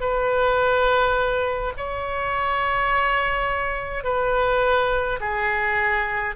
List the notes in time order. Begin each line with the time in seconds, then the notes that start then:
0.00 B4
1.77 C#5
4.04 B4
5.20 G#4